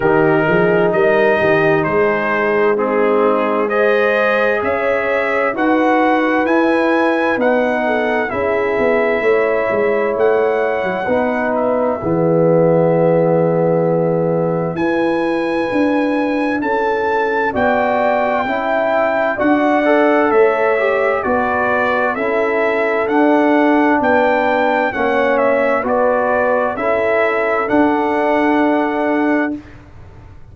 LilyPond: <<
  \new Staff \with { instrumentName = "trumpet" } { \time 4/4 \tempo 4 = 65 ais'4 dis''4 c''4 gis'4 | dis''4 e''4 fis''4 gis''4 | fis''4 e''2 fis''4~ | fis''8 e''2.~ e''8 |
gis''2 a''4 g''4~ | g''4 fis''4 e''4 d''4 | e''4 fis''4 g''4 fis''8 e''8 | d''4 e''4 fis''2 | }
  \new Staff \with { instrumentName = "horn" } { \time 4/4 g'8 gis'8 ais'8 g'8 gis'4 dis'4 | c''4 cis''4 b'2~ | b'8 a'8 gis'4 cis''2 | b'4 gis'2. |
b'2 a'4 d''4 | e''4 d''4 cis''4 b'4 | a'2 b'4 cis''4 | b'4 a'2. | }
  \new Staff \with { instrumentName = "trombone" } { \time 4/4 dis'2. c'4 | gis'2 fis'4 e'4 | dis'4 e'2. | dis'4 b2. |
e'2. fis'4 | e'4 fis'8 a'4 g'8 fis'4 | e'4 d'2 cis'4 | fis'4 e'4 d'2 | }
  \new Staff \with { instrumentName = "tuba" } { \time 4/4 dis8 f8 g8 dis8 gis2~ | gis4 cis'4 dis'4 e'4 | b4 cis'8 b8 a8 gis8 a8. fis16 | b4 e2. |
e'4 d'4 cis'4 b4 | cis'4 d'4 a4 b4 | cis'4 d'4 b4 ais4 | b4 cis'4 d'2 | }
>>